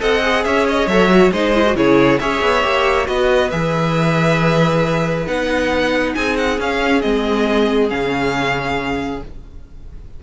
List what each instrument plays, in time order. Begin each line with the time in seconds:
0.00 cello C4, viola A4, violin D#5 F#5
0.22 viola G#4
0.45 cello C#4, violin C#5 E5
0.69 violin D#5
0.87 cello F#3, viola A4, violin E5
1.10 viola F#4
1.32 cello G#3, viola D#4, violin C5 D#5
1.54 viola E4
1.66 viola F#4
1.75 cello C#3, viola E4, violin G#4 C#5
2.19 cello C#4, viola G#4, violin C#5 E5
2.42 cello B3
2.63 cello A#3, viola G4
3.05 cello B3, viola F#4, violin B4 D#5
3.51 cello E3, viola G#4, violin E5
5.27 cello B3, viola D#4, violin F#5
6.15 cello C4, violin G#4 G#5
6.37 violin F#5
6.58 cello C#4, viola C#4, violin F5
7.01 cello G#3, viola C4, violin D#5
7.89 cello C#3, viola C#4, violin F5